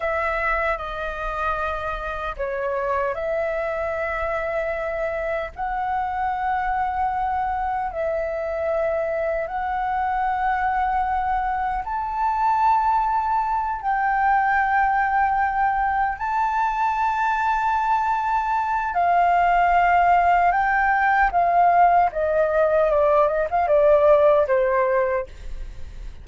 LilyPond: \new Staff \with { instrumentName = "flute" } { \time 4/4 \tempo 4 = 76 e''4 dis''2 cis''4 | e''2. fis''4~ | fis''2 e''2 | fis''2. a''4~ |
a''4. g''2~ g''8~ | g''8 a''2.~ a''8 | f''2 g''4 f''4 | dis''4 d''8 dis''16 f''16 d''4 c''4 | }